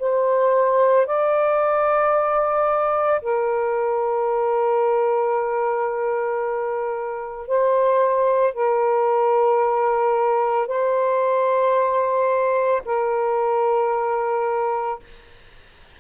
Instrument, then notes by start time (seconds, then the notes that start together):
saxophone
0.00 C5
1.07 D5
3.22 A#4
7.48 C5
8.55 A#4
10.69 C5
12.86 A#4